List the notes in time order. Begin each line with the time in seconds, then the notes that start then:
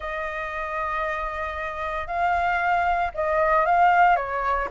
0.00 D#5
2.07 F5
3.14 D#5
3.65 F5
4.16 C#5